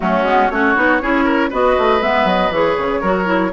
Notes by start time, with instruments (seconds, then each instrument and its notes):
0.00 bassoon F#3, clarinet A3, oboe C#4, flute F#4
0.23 bassoon G#3, clarinet B3
0.49 bassoon A3, clarinet C#4, oboe F#4, flute C#5
0.75 bassoon B3, clarinet D#4
1.01 bassoon C#4, clarinet E4, oboe G#4
1.24 oboe A#4
1.49 bassoon B3, clarinet F#4, oboe B4, flute D#5
1.77 bassoon A3
2.01 bassoon G#3, clarinet B3, flute E5
2.24 bassoon F#3, flute D#5
2.50 bassoon E3, clarinet G#4, flute C#5
2.78 bassoon C#3
3.01 bassoon F#3, clarinet F#4, oboe A#4
3.25 clarinet E4